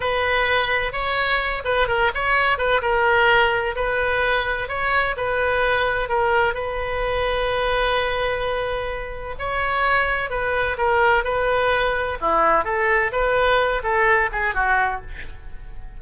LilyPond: \new Staff \with { instrumentName = "oboe" } { \time 4/4 \tempo 4 = 128 b'2 cis''4. b'8 | ais'8 cis''4 b'8 ais'2 | b'2 cis''4 b'4~ | b'4 ais'4 b'2~ |
b'1 | cis''2 b'4 ais'4 | b'2 e'4 a'4 | b'4. a'4 gis'8 fis'4 | }